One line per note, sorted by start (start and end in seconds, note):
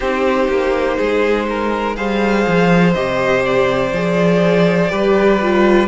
0.00 0.48 C4
0.00 1.96 D#4
0.00 0.97 G4
0.00 1.95 C5
0.48 0.97 A#3
0.97 1.97 G#3
0.97 1.46 G#4
1.49 1.96 A#4
1.95 2.46 G3
1.95 2.94 G#4
1.95 4.90 C5
1.95 2.93 F5
2.47 2.95 F3
2.93 3.92 C3
2.93 3.93 G4
2.93 3.42 D#5
3.44 5.87 D5
3.92 4.90 F3
3.92 4.89 G#4
4.89 5.87 G3
4.89 5.39 G4
4.89 5.87 B4
5.41 5.87 F4